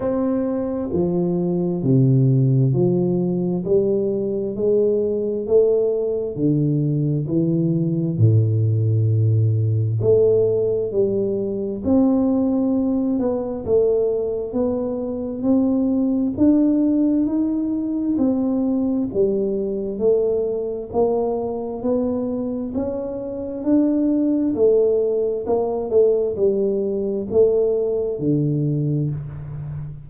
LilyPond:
\new Staff \with { instrumentName = "tuba" } { \time 4/4 \tempo 4 = 66 c'4 f4 c4 f4 | g4 gis4 a4 d4 | e4 a,2 a4 | g4 c'4. b8 a4 |
b4 c'4 d'4 dis'4 | c'4 g4 a4 ais4 | b4 cis'4 d'4 a4 | ais8 a8 g4 a4 d4 | }